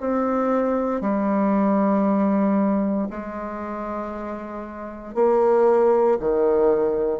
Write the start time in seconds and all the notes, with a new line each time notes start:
0.00 C4
1.01 G3
3.10 G#3
5.14 A#3
6.20 D#3